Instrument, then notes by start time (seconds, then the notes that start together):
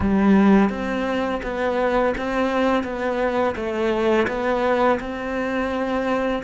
cello
0.00 G3
0.69 C4
1.43 B3
2.17 C4
2.83 B3
3.55 A3
4.27 B3
5.00 C4